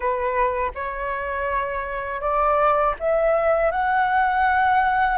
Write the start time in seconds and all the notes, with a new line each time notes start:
0.00 B4
0.74 C#5
2.20 D5
2.99 E5
3.71 F#5